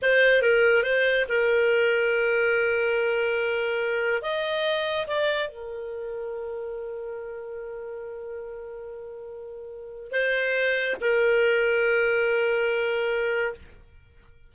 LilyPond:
\new Staff \with { instrumentName = "clarinet" } { \time 4/4 \tempo 4 = 142 c''4 ais'4 c''4 ais'4~ | ais'1~ | ais'2 dis''2 | d''4 ais'2.~ |
ais'1~ | ais'1 | c''2 ais'2~ | ais'1 | }